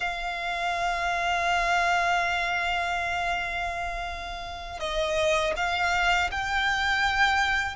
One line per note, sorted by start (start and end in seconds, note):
0.00 4.79 F5
4.79 5.53 D#5
5.56 6.30 F5
6.31 7.75 G5